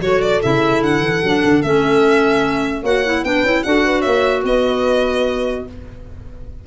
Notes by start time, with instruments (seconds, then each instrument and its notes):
0.00 tuba F#3, clarinet F#4, horn A4, violin C#5
0.21 violin D5
0.42 tuba C#3, clarinet E4, violin E5
0.81 tuba D3, violin F#5
1.00 tuba E3
1.23 tuba F#3, clarinet D4
1.44 tuba D3
1.62 tuba A3, clarinet C#4, violin E5
2.81 tuba A#3, clarinet F#4, horn C#5, violin F#5
3.05 clarinet E4
3.24 tuba B3, clarinet D4, horn B4, violin G5
3.43 tuba C#4, clarinet E4
3.63 tuba D4, clarinet F#4, horn A4, violin F#5
3.85 horn B4
4.00 tuba A#3, horn C#5, violin E5
4.43 tuba B3, horn B4, violin D#5